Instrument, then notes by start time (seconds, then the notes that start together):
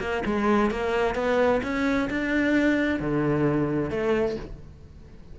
cello
0.00 A#3
0.26 G#3
0.70 A#3
1.15 B3
1.63 C#4
2.10 D4
3.00 D3
3.90 A3